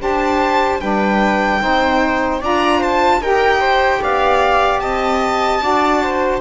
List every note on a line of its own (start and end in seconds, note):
0.00 0.81 D4
0.00 0.80 G4
0.00 0.82 C5
0.00 0.81 A5
0.81 1.61 G3
0.81 1.61 D4
0.81 1.62 B4
0.81 2.41 G5
1.61 2.42 C4
1.61 2.41 D#4
1.61 2.41 C5
2.41 3.21 D4
2.41 3.22 F4
2.41 2.79 D5
2.41 2.83 A#5
2.79 3.19 C5
2.79 3.23 A5
3.21 4.01 D#4
3.21 5.61 G4
3.21 3.61 A#4
3.21 4.03 G5
3.61 4.01 C5
4.02 4.82 B3
4.02 4.82 D5
4.02 4.80 F5
4.80 5.62 C4
4.80 5.62 D#5
4.80 6.40 A5
5.61 6.41 D4
5.61 6.41 F#4
5.61 6.03 D5
6.03 6.41 C5